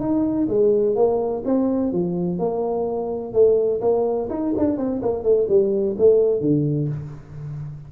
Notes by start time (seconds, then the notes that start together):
0.00 D#4
0.48 G#3
0.95 A#3
1.45 C4
1.92 F3
2.38 A#3
3.33 A3
3.81 A#3
4.30 D#4
4.58 D4
4.77 C4
5.02 A#3
5.23 A3
5.49 G3
5.98 A3
6.40 D3